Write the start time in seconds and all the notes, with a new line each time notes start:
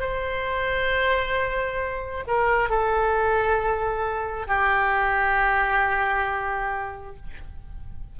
0.00 C5
2.28 A#4
2.69 A4
4.47 G4